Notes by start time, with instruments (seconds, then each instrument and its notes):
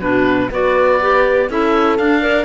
0.00 cello B2, clarinet D4, horn F#4, oboe B4
0.51 cello B3, clarinet F#4, horn B4, oboe D5
1.01 clarinet G4
1.49 cello C#4, clarinet E4, horn A4, oboe E5
1.98 cello D4, clarinet D4, oboe F5
2.22 clarinet A#4, horn D5